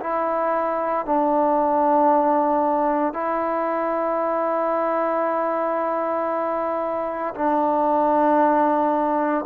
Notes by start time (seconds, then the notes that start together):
0.00 E4
1.05 D4
3.13 E4
7.34 D4